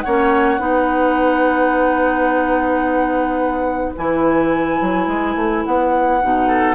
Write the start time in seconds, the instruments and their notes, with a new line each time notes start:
0.00 bassoon A#3, clarinet C#4, oboe C#5, flute F#5
0.58 bassoon B3, clarinet D#4, oboe B4
3.96 bassoon E3, clarinet E4, flute G#5
4.80 bassoon F#3
5.07 bassoon G#3
5.35 bassoon A3
5.64 bassoon B3, flute F#5
6.21 bassoon B2, clarinet D#4
6.47 oboe A4